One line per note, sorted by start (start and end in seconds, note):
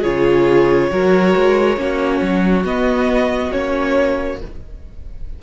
0.00 0.91 C#3
0.00 0.90 F4
0.00 0.87 G#4
0.00 2.64 C#5
0.91 1.35 F#3
0.91 1.77 F#4
0.91 1.79 A#4
1.35 1.77 G#3
1.77 2.20 A#3
1.77 2.64 C#4
1.77 4.42 F#4
2.22 2.64 F#3
2.64 3.51 B3
2.64 3.52 D#5
3.51 4.41 A#3
3.51 4.37 C#4
3.51 4.39 C#5